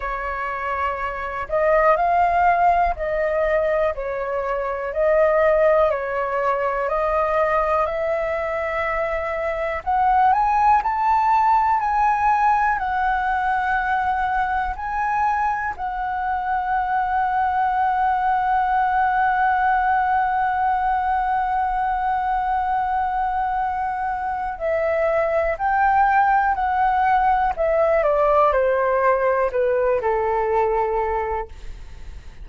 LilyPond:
\new Staff \with { instrumentName = "flute" } { \time 4/4 \tempo 4 = 61 cis''4. dis''8 f''4 dis''4 | cis''4 dis''4 cis''4 dis''4 | e''2 fis''8 gis''8 a''4 | gis''4 fis''2 gis''4 |
fis''1~ | fis''1~ | fis''4 e''4 g''4 fis''4 | e''8 d''8 c''4 b'8 a'4. | }